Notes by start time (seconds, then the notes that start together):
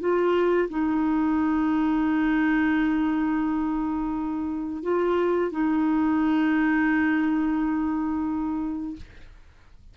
0.00 F4
0.69 D#4
4.83 F4
5.51 D#4